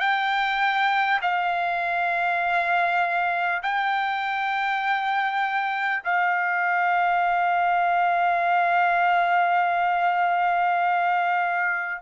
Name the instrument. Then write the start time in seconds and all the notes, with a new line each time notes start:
trumpet
0.00 G5
1.22 F5
3.62 G5
6.04 F5